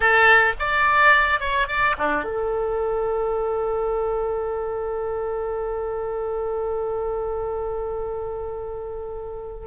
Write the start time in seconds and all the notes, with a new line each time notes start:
0.00 A4
0.59 D5
1.40 C#5
1.67 D5
1.98 D4
2.24 A4